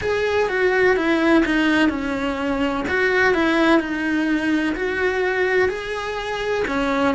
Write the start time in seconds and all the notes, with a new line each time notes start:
0.01 G#4
0.48 F#4
0.96 E4
1.45 D#4
1.89 C#4
2.88 F#4
3.34 E4
3.79 D#4
4.75 F#4
5.68 G#4
6.67 C#4